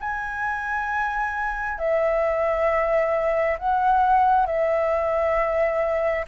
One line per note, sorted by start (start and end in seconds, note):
0.00 1.78 G#5
1.78 3.57 E5
3.58 4.46 F#5
4.46 6.25 E5